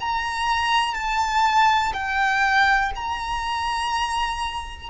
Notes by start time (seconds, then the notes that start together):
0.00 A#5
0.94 A5
1.93 G5
2.96 A#5